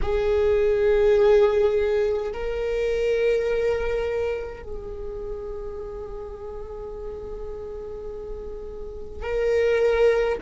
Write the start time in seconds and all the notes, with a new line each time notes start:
0.02 G#4
2.33 A#4
4.63 G#4
9.22 A#4